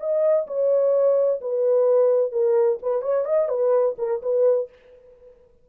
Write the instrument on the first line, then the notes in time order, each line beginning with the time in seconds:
horn
0.00 D#5
0.47 C#5
1.41 B4
2.32 A#4
2.83 B4
3.02 C#5
3.25 D#5
3.49 B4
3.99 A#4
4.23 B4